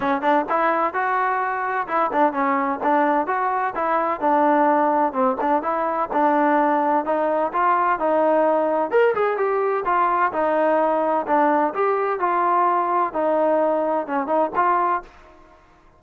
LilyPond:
\new Staff \with { instrumentName = "trombone" } { \time 4/4 \tempo 4 = 128 cis'8 d'8 e'4 fis'2 | e'8 d'8 cis'4 d'4 fis'4 | e'4 d'2 c'8 d'8 | e'4 d'2 dis'4 |
f'4 dis'2 ais'8 gis'8 | g'4 f'4 dis'2 | d'4 g'4 f'2 | dis'2 cis'8 dis'8 f'4 | }